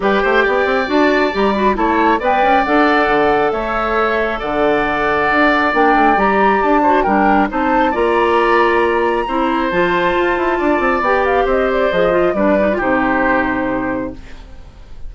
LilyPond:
<<
  \new Staff \with { instrumentName = "flute" } { \time 4/4 \tempo 4 = 136 g''2 a''4 ais''8 b''8 | a''4 g''4 fis''2 | e''2 fis''2~ | fis''4 g''4 ais''4 a''4 |
g''4 a''4 ais''2~ | ais''2 a''2~ | a''4 g''8 f''8 dis''8 d''8 dis''4 | d''4 c''2. | }
  \new Staff \with { instrumentName = "oboe" } { \time 4/4 b'8 c''8 d''2. | cis''4 d''2. | cis''2 d''2~ | d''2.~ d''8 c''8 |
ais'4 c''4 d''2~ | d''4 c''2. | d''2 c''2 | b'4 g'2. | }
  \new Staff \with { instrumentName = "clarinet" } { \time 4/4 g'2 fis'4 g'8 fis'8 | e'4 b'4 a'2~ | a'1~ | a'4 d'4 g'4. fis'8 |
d'4 dis'4 f'2~ | f'4 e'4 f'2~ | f'4 g'2 gis'8 f'8 | d'8 dis'16 f'16 dis'2. | }
  \new Staff \with { instrumentName = "bassoon" } { \time 4/4 g8 a8 b8 c'8 d'4 g4 | a4 b8 cis'8 d'4 d4 | a2 d2 | d'4 ais8 a8 g4 d'4 |
g4 c'4 ais2~ | ais4 c'4 f4 f'8 e'8 | d'8 c'8 b4 c'4 f4 | g4 c2. | }
>>